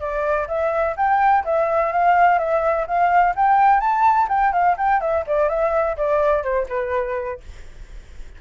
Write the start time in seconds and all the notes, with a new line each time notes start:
0.00 D5
0.48 E5
0.97 G5
1.45 E5
1.92 F5
2.39 E5
2.87 F5
3.36 G5
3.80 A5
4.29 G5
4.53 F5
4.77 G5
5.01 E5
5.27 D5
5.49 E5
5.97 D5
6.43 C5
6.69 B4